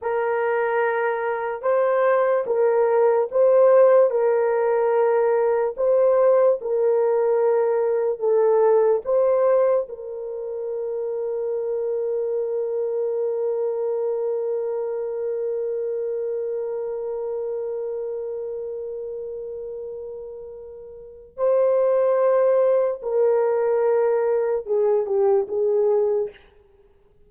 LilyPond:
\new Staff \with { instrumentName = "horn" } { \time 4/4 \tempo 4 = 73 ais'2 c''4 ais'4 | c''4 ais'2 c''4 | ais'2 a'4 c''4 | ais'1~ |
ais'1~ | ais'1~ | ais'2 c''2 | ais'2 gis'8 g'8 gis'4 | }